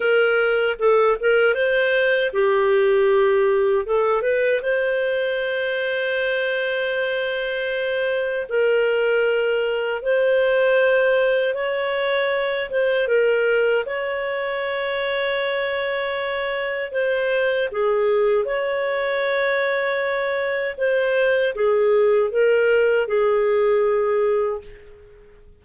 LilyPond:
\new Staff \with { instrumentName = "clarinet" } { \time 4/4 \tempo 4 = 78 ais'4 a'8 ais'8 c''4 g'4~ | g'4 a'8 b'8 c''2~ | c''2. ais'4~ | ais'4 c''2 cis''4~ |
cis''8 c''8 ais'4 cis''2~ | cis''2 c''4 gis'4 | cis''2. c''4 | gis'4 ais'4 gis'2 | }